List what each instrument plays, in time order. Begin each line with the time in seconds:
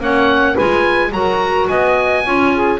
0.00 double bass A#3, clarinet C#4, saxophone C#5, oboe F#5
0.54 double bass G#3, clarinet F4, saxophone B4, oboe G#5
1.12 double bass F#3, clarinet F#4, saxophone A#4, oboe A#5
1.68 double bass B3, saxophone D#5, oboe G#5
2.23 double bass C#4, clarinet F4, saxophone C#5
2.53 saxophone G#4